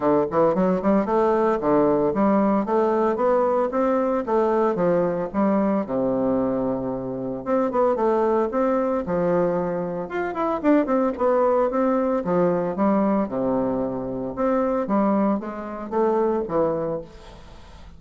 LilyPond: \new Staff \with { instrumentName = "bassoon" } { \time 4/4 \tempo 4 = 113 d8 e8 fis8 g8 a4 d4 | g4 a4 b4 c'4 | a4 f4 g4 c4~ | c2 c'8 b8 a4 |
c'4 f2 f'8 e'8 | d'8 c'8 b4 c'4 f4 | g4 c2 c'4 | g4 gis4 a4 e4 | }